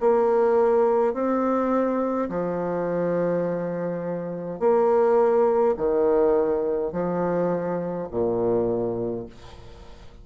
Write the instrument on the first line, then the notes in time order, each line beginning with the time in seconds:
bassoon
0.00 A#3
1.13 C4
2.29 F3
4.59 A#3
5.77 D#3
6.92 F3
8.10 A#2